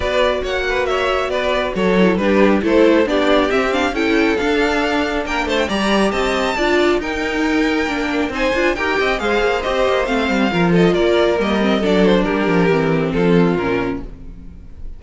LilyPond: <<
  \new Staff \with { instrumentName = "violin" } { \time 4/4 \tempo 4 = 137 d''4 fis''4 e''4 d''4 | cis''4 b'4 c''4 d''4 | e''8 f''8 g''4 f''2 | g''8 a''16 g''16 ais''4 a''2 |
g''2. gis''4 | g''4 f''4 dis''4 f''4~ | f''8 dis''8 d''4 dis''4 d''8 c''8 | ais'2 a'4 ais'4 | }
  \new Staff \with { instrumentName = "violin" } { \time 4/4 b'4 cis''8 b'8 cis''4 b'4 | a'4 g'4 a'4 g'4~ | g'4 a'2. | ais'8 c''8 d''4 dis''4 d''4 |
ais'2. c''4 | ais'8 dis''8 c''2. | ais'8 a'8 ais'2 a'4 | g'2 f'2 | }
  \new Staff \with { instrumentName = "viola" } { \time 4/4 fis'1~ | fis'8 e'8 d'4 e'4 d'4 | c'8 d'8 e'4 d'2~ | d'4 g'2 f'4 |
dis'2 d'4 dis'8 f'8 | g'4 gis'4 g'4 c'4 | f'2 ais8 c'8 d'4~ | d'4 c'2 cis'4 | }
  \new Staff \with { instrumentName = "cello" } { \time 4/4 b4 ais2 b4 | fis4 g4 a4 b4 | c'4 cis'4 d'2 | ais8 a8 g4 c'4 d'4 |
dis'2 ais4 c'8 d'8 | dis'8 c'8 gis8 ais8 c'8 ais8 a8 g8 | f4 ais4 g4 fis4 | g8 f8 e4 f4 ais,4 | }
>>